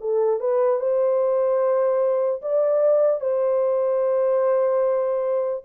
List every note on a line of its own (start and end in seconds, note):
0.00 0.39 A4
0.39 0.79 B4
0.79 2.41 C5
2.42 3.20 D5
3.20 5.64 C5